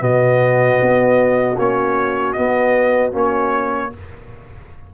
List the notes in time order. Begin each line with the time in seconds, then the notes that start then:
0.00 B2 B3 F#4 D#5
0.82 B3
1.58 A#3 C#4 C#5
2.33 B3 D#5
3.12 A#3 C#4 C#5